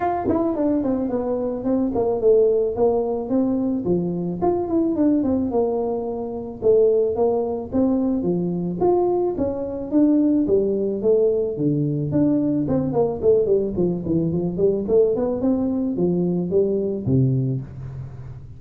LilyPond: \new Staff \with { instrumentName = "tuba" } { \time 4/4 \tempo 4 = 109 f'8 e'8 d'8 c'8 b4 c'8 ais8 | a4 ais4 c'4 f4 | f'8 e'8 d'8 c'8 ais2 | a4 ais4 c'4 f4 |
f'4 cis'4 d'4 g4 | a4 d4 d'4 c'8 ais8 | a8 g8 f8 e8 f8 g8 a8 b8 | c'4 f4 g4 c4 | }